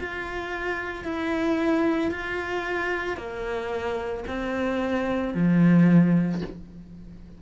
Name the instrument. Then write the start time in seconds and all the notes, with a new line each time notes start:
cello
0.00 F4
1.05 E4
2.12 F4
3.18 A#3
4.28 C4
5.35 F3